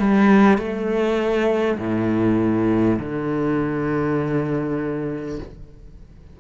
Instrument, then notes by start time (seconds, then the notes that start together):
cello
0.00 G3
0.59 A3
1.79 A2
2.99 D3